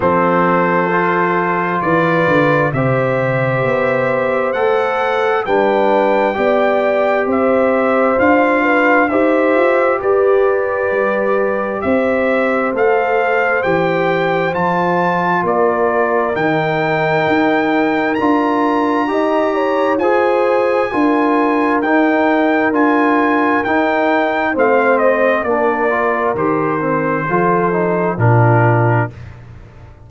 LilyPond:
<<
  \new Staff \with { instrumentName = "trumpet" } { \time 4/4 \tempo 4 = 66 c''2 d''4 e''4~ | e''4 fis''4 g''2 | e''4 f''4 e''4 d''4~ | d''4 e''4 f''4 g''4 |
a''4 d''4 g''2 | ais''2 gis''2 | g''4 gis''4 g''4 f''8 dis''8 | d''4 c''2 ais'4 | }
  \new Staff \with { instrumentName = "horn" } { \time 4/4 a'2 b'4 c''4~ | c''2 b'4 d''4 | c''4. b'8 c''4 b'4~ | b'4 c''2.~ |
c''4 ais'2.~ | ais'4 dis''8 cis''8 c''4 ais'4~ | ais'2. c''4 | ais'2 a'4 f'4 | }
  \new Staff \with { instrumentName = "trombone" } { \time 4/4 c'4 f'2 g'4~ | g'4 a'4 d'4 g'4~ | g'4 f'4 g'2~ | g'2 a'4 g'4 |
f'2 dis'2 | f'4 g'4 gis'4 f'4 | dis'4 f'4 dis'4 c'4 | d'8 f'8 g'8 c'8 f'8 dis'8 d'4 | }
  \new Staff \with { instrumentName = "tuba" } { \time 4/4 f2 e8 d8 c4 | b4 a4 g4 b4 | c'4 d'4 dis'8 f'8 g'4 | g4 c'4 a4 e4 |
f4 ais4 dis4 dis'4 | d'4 dis'4 f'4 d'4 | dis'4 d'4 dis'4 a4 | ais4 dis4 f4 ais,4 | }
>>